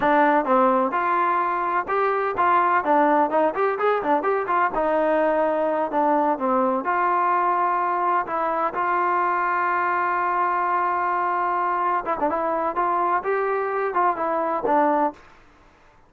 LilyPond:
\new Staff \with { instrumentName = "trombone" } { \time 4/4 \tempo 4 = 127 d'4 c'4 f'2 | g'4 f'4 d'4 dis'8 g'8 | gis'8 d'8 g'8 f'8 dis'2~ | dis'8 d'4 c'4 f'4.~ |
f'4. e'4 f'4.~ | f'1~ | f'4. e'16 d'16 e'4 f'4 | g'4. f'8 e'4 d'4 | }